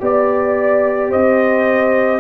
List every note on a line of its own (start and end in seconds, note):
0.00 1.12 B3
0.00 2.20 G4
0.00 1.09 D5
0.00 1.12 D5
1.09 2.20 C4
1.09 2.20 C5
1.09 2.20 D#5